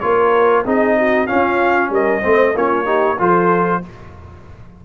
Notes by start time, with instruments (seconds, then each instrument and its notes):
0.00 tuba A#3, trombone F4, horn A#4, trumpet C#5
0.65 tuba C4, trombone D#4, horn G#4, trumpet D#5
0.97 horn F#4
1.27 trombone C#4, tuba C#4, horn F4, trumpet F5
1.90 tuba G3, horn A#4, trumpet D#5
2.21 tuba A3, trombone C4, horn C5
2.55 tuba A#3, trombone C#4, horn F4, trumpet C#5
2.85 trombone D#4, horn G4
3.18 tuba F3, trombone F4, horn A4, trumpet C5